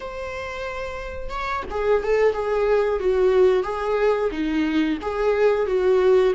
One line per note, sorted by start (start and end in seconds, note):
0.00 1.29 C5
1.29 1.62 C#5
1.70 2.03 G#4
2.03 2.33 A4
2.33 2.99 G#4
2.99 3.63 F#4
3.63 4.30 G#4
4.31 4.98 D#4
5.02 5.66 G#4
5.66 6.33 F#4